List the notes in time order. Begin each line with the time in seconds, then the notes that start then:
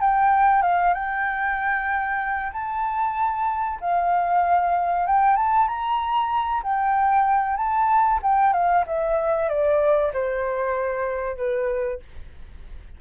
0.00 G5
0.62 F5
0.94 G5
2.53 A5
3.80 F5
5.07 G5
5.36 A5
5.68 A#5
6.63 G5
7.56 A5
8.22 G5
8.53 F5
8.87 E5
9.49 D5
10.13 C5
11.36 B4